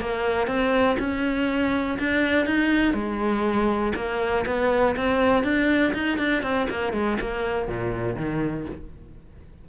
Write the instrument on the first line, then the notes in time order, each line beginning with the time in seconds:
cello
0.00 A#3
0.47 C4
0.98 C#4
1.99 D4
2.46 D#4
2.93 G#3
3.95 A#3
4.46 B3
4.96 C4
5.43 D4
5.93 D#4
6.18 D4
6.43 C4
6.69 A#3
6.92 G#3
7.20 A#3
7.68 A#2
8.16 D#3